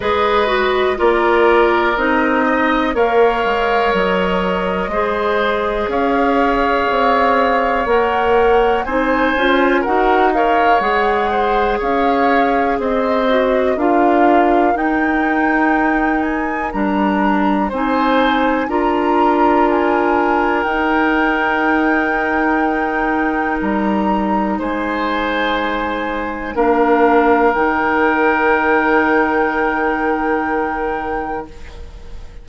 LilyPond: <<
  \new Staff \with { instrumentName = "flute" } { \time 4/4 \tempo 4 = 61 dis''4 d''4 dis''4 f''4 | dis''2 f''2 | fis''4 gis''4 fis''8 f''8 fis''4 | f''4 dis''4 f''4 g''4~ |
g''8 gis''8 ais''4 gis''4 ais''4 | gis''4 g''2. | ais''4 gis''2 f''4 | g''1 | }
  \new Staff \with { instrumentName = "oboe" } { \time 4/4 b'4 ais'4. dis''8 cis''4~ | cis''4 c''4 cis''2~ | cis''4 c''4 ais'8 cis''4 c''8 | cis''4 c''4 ais'2~ |
ais'2 c''4 ais'4~ | ais'1~ | ais'4 c''2 ais'4~ | ais'1 | }
  \new Staff \with { instrumentName = "clarinet" } { \time 4/4 gis'8 fis'8 f'4 dis'4 ais'4~ | ais'4 gis'2. | ais'4 dis'8 f'8 fis'8 ais'8 gis'4~ | gis'4. fis'8 f'4 dis'4~ |
dis'4 d'4 dis'4 f'4~ | f'4 dis'2.~ | dis'2. d'4 | dis'1 | }
  \new Staff \with { instrumentName = "bassoon" } { \time 4/4 gis4 ais4 c'4 ais8 gis8 | fis4 gis4 cis'4 c'4 | ais4 c'8 cis'8 dis'4 gis4 | cis'4 c'4 d'4 dis'4~ |
dis'4 g4 c'4 d'4~ | d'4 dis'2. | g4 gis2 ais4 | dis1 | }
>>